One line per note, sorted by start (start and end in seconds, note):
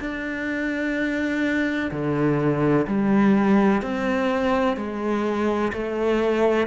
0.00 1.90 D4
1.91 2.87 D3
2.87 3.82 G3
3.82 4.77 C4
4.77 5.72 G#3
5.73 6.67 A3